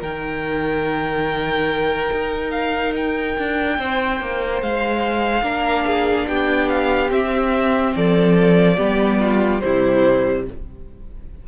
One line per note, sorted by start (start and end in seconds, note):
0.00 2.10 D#3
0.00 5.43 D#4
0.00 3.75 A#4
0.00 2.51 G5
2.12 3.37 D#4
2.51 2.93 F5
2.96 4.62 G5
3.38 3.78 D4
3.78 4.20 C4
3.78 5.43 C5
4.20 4.62 A#3
4.62 5.42 G#3
4.62 6.27 F5
5.42 6.26 A#3
5.42 7.09 D4
5.42 5.85 A#4
5.86 6.27 G#4
6.27 7.11 B3
6.27 7.95 G4
6.27 6.69 G5
6.69 7.10 F5
7.09 8.75 C4
7.09 7.94 C4
7.09 7.95 E5
7.95 8.79 F3
7.95 8.77 A4
7.95 9.60 D5
8.77 9.62 G3
8.77 9.60 B3
8.77 9.19 G4
9.20 9.61 F4
9.60 10.47 C3
9.60 10.47 G3
9.60 10.48 E4
9.60 10.43 C5